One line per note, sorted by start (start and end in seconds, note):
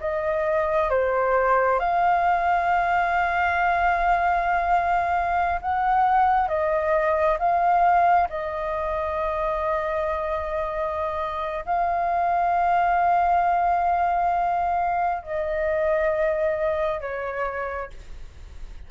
0.00 0.90 D#5
0.90 1.79 C5
1.80 5.60 F5
5.61 6.48 F#5
6.48 7.38 D#5
7.39 8.28 F5
8.29 11.65 D#5
11.65 15.22 F5
15.22 17.01 D#5
17.01 17.90 C#5